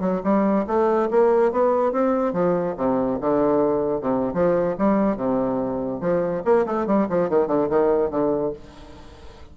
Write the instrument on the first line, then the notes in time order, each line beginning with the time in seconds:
bassoon
0.00 F#3
0.23 G3
0.67 A3
1.10 A#3
1.51 B3
1.92 C4
2.33 F3
2.77 C3
3.21 D3
4.01 C3
4.34 F3
4.78 G3
5.16 C3
6.00 F3
6.45 A#3
6.66 A3
6.86 G3
7.09 F3
7.29 D#3
7.47 D3
7.69 D#3
8.10 D3